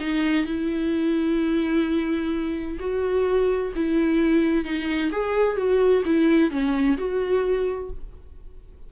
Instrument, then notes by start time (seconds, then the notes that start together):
viola
0.00 D#4
0.46 E4
2.80 F#4
3.75 E4
4.64 D#4
5.11 G#4
5.57 F#4
6.05 E4
6.51 C#4
6.97 F#4